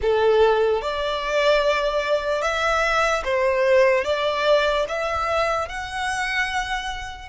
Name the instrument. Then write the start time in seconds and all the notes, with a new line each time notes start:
violin
0.01 A4
0.81 D5
2.42 E5
3.24 C5
4.04 D5
4.88 E5
5.68 F#5